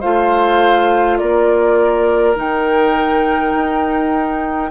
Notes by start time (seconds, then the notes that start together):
0.00 A3 F4 C5 F5
1.18 A#3 A#4 D5
2.35 D#3 D#4 G5
3.54 D#4